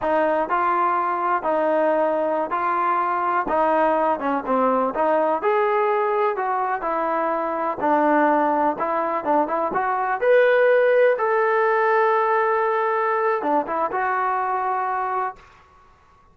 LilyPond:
\new Staff \with { instrumentName = "trombone" } { \time 4/4 \tempo 4 = 125 dis'4 f'2 dis'4~ | dis'4~ dis'16 f'2 dis'8.~ | dis'8. cis'8 c'4 dis'4 gis'8.~ | gis'4~ gis'16 fis'4 e'4.~ e'16~ |
e'16 d'2 e'4 d'8 e'16~ | e'16 fis'4 b'2 a'8.~ | a'1 | d'8 e'8 fis'2. | }